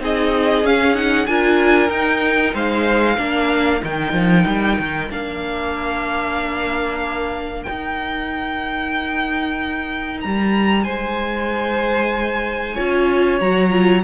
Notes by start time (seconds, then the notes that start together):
0.00 C4 D#4 G#4 D#5
0.63 C#4 F5
0.94 D#4 F#5
1.26 D4 F4 A#4 G#5
1.89 D#4 G5
2.54 G#3 C5 F5
3.16 A#3 D4 A#4
3.81 D#3 D#4 G5
4.13 F3
4.46 G3
4.79 D#3
5.10 A#3 D4 F5
7.63 D#4 G5
10.21 G3 A#5
10.84 G#3 C5 G#5
12.74 C#4 F4 C#5
13.40 F#3 F#4 A#5
13.70 F4